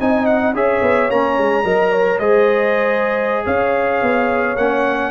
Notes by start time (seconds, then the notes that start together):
0.00 C4 D#4 D#5 G#5
0.26 F#5
0.53 C#4 G#4 C#5 E5
0.82 B3
1.10 A#3 C#4 A#5
1.38 G#3
1.64 F#3 A#4 D#5
1.92 C#5
2.19 G#3 G#4 C5 D#5
3.45 C#4 C#5 F5
4.02 B3
4.57 A#3 C#4 F#5